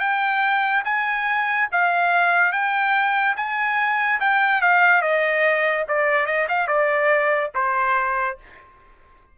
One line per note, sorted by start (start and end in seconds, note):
0.00 0.83 G5
0.85 1.68 G#5
1.72 2.53 F5
2.53 3.36 G5
3.37 4.20 G#5
4.20 4.62 G5
4.62 5.02 F5
5.02 5.85 D#5
5.88 6.27 D5
6.27 6.47 D#5
6.49 6.68 F5
6.68 7.51 D5
7.55 8.38 C5